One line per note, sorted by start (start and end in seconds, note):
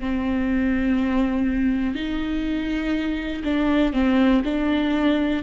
0.00 1.95 C4
1.95 3.42 D#4
3.44 3.93 D4
3.93 4.42 C4
4.45 5.43 D4